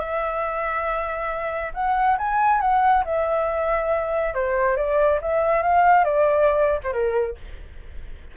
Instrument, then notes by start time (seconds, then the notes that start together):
flute
0.00 E5
1.74 F#5
2.18 G#5
2.61 F#5
3.05 E5
4.35 C5
4.77 D5
5.22 E5
5.63 F5
6.05 D5
6.84 C5
6.93 A#4